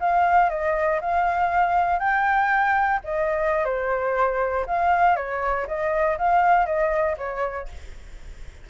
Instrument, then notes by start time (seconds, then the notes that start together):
flute
0.00 F5
0.50 D#5
1.01 F5
1.99 G5
3.04 D#5
3.65 C5
4.67 F5
5.16 C#5
5.67 D#5
6.18 F5
6.66 D#5
7.18 C#5